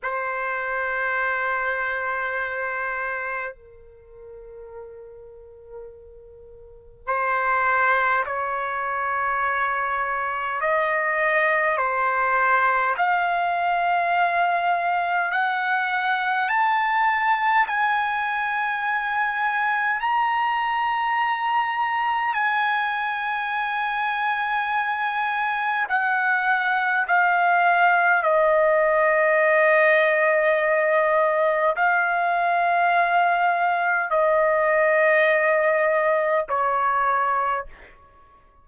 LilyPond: \new Staff \with { instrumentName = "trumpet" } { \time 4/4 \tempo 4 = 51 c''2. ais'4~ | ais'2 c''4 cis''4~ | cis''4 dis''4 c''4 f''4~ | f''4 fis''4 a''4 gis''4~ |
gis''4 ais''2 gis''4~ | gis''2 fis''4 f''4 | dis''2. f''4~ | f''4 dis''2 cis''4 | }